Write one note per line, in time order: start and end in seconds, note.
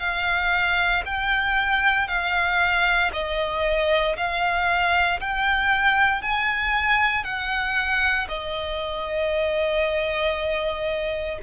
0.00 1.03 F5
1.06 2.08 G5
2.08 3.11 F5
3.13 4.17 D#5
4.17 5.20 F5
5.21 6.22 G5
6.22 7.24 G#5
7.24 8.28 F#5
8.29 11.39 D#5